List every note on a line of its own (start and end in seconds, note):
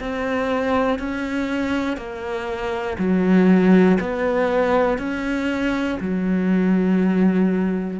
0.00 1.00 C4
1.00 1.97 C#4
1.97 2.97 A#3
2.98 3.98 F#3
4.00 4.98 B3
4.98 5.98 C#4
6.00 8.00 F#3